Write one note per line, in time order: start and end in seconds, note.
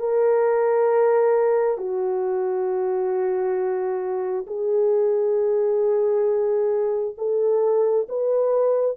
0.00 1.77 A#4
1.77 4.46 F#4
4.47 7.16 G#4
7.18 8.07 A4
8.09 8.97 B4